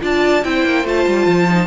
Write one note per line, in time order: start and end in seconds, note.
0.00 0.43 D4
0.00 0.42 F4
0.00 0.44 D5
0.00 0.44 A5
0.43 0.64 C4
0.43 0.84 E4
0.43 1.67 C5
0.43 0.85 G5
0.64 0.84 A#3
0.84 1.05 A3
0.84 1.47 F4
0.84 1.67 A5
1.06 1.26 G3
1.26 1.67 F3
1.49 1.67 D#4